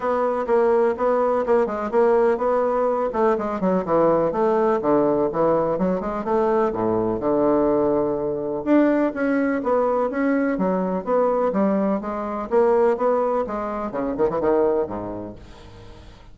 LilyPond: \new Staff \with { instrumentName = "bassoon" } { \time 4/4 \tempo 4 = 125 b4 ais4 b4 ais8 gis8 | ais4 b4. a8 gis8 fis8 | e4 a4 d4 e4 | fis8 gis8 a4 a,4 d4~ |
d2 d'4 cis'4 | b4 cis'4 fis4 b4 | g4 gis4 ais4 b4 | gis4 cis8 dis16 e16 dis4 gis,4 | }